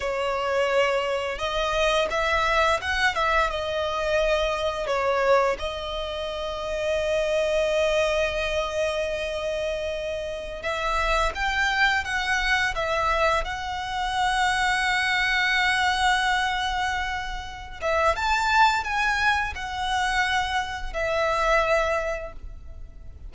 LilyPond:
\new Staff \with { instrumentName = "violin" } { \time 4/4 \tempo 4 = 86 cis''2 dis''4 e''4 | fis''8 e''8 dis''2 cis''4 | dis''1~ | dis''2.~ dis''16 e''8.~ |
e''16 g''4 fis''4 e''4 fis''8.~ | fis''1~ | fis''4. e''8 a''4 gis''4 | fis''2 e''2 | }